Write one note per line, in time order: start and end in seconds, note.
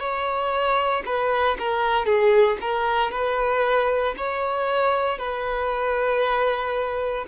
0.00 1.03 C#5
1.06 1.58 B4
1.59 2.06 A#4
2.06 2.58 G#4
2.61 3.12 A#4
3.12 4.15 B4
4.18 5.19 C#5
5.19 7.26 B4